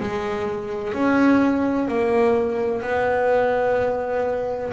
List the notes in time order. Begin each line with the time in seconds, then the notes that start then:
0.00 G#3
0.94 C#4
1.88 A#3
2.82 B3